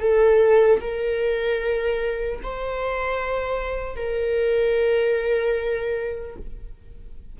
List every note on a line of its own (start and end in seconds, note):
0.00 0.80 A4
0.80 2.40 A#4
2.43 3.96 C5
3.96 6.36 A#4